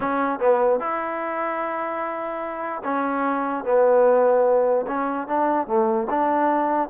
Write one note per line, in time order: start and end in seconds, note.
0.00 0.39 C#4
0.39 0.79 B3
0.79 2.82 E4
2.84 3.64 C#4
3.64 4.86 B3
4.87 5.27 C#4
5.27 5.67 D4
5.67 6.07 A3
6.10 6.89 D4